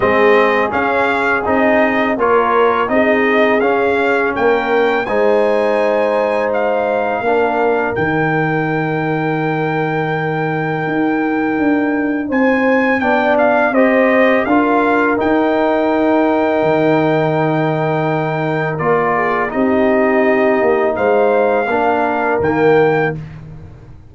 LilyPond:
<<
  \new Staff \with { instrumentName = "trumpet" } { \time 4/4 \tempo 4 = 83 dis''4 f''4 dis''4 cis''4 | dis''4 f''4 g''4 gis''4~ | gis''4 f''2 g''4~ | g''1~ |
g''4 gis''4 g''8 f''8 dis''4 | f''4 g''2.~ | g''2 d''4 dis''4~ | dis''4 f''2 g''4 | }
  \new Staff \with { instrumentName = "horn" } { \time 4/4 gis'2. ais'4 | gis'2 ais'4 c''4~ | c''2 ais'2~ | ais'1~ |
ais'4 c''4 d''4 c''4 | ais'1~ | ais'2~ ais'8 gis'8 g'4~ | g'4 c''4 ais'2 | }
  \new Staff \with { instrumentName = "trombone" } { \time 4/4 c'4 cis'4 dis'4 f'4 | dis'4 cis'2 dis'4~ | dis'2 d'4 dis'4~ | dis'1~ |
dis'2 d'4 g'4 | f'4 dis'2.~ | dis'2 f'4 dis'4~ | dis'2 d'4 ais4 | }
  \new Staff \with { instrumentName = "tuba" } { \time 4/4 gis4 cis'4 c'4 ais4 | c'4 cis'4 ais4 gis4~ | gis2 ais4 dis4~ | dis2. dis'4 |
d'4 c'4 b4 c'4 | d'4 dis'2 dis4~ | dis2 ais4 c'4~ | c'8 ais8 gis4 ais4 dis4 | }
>>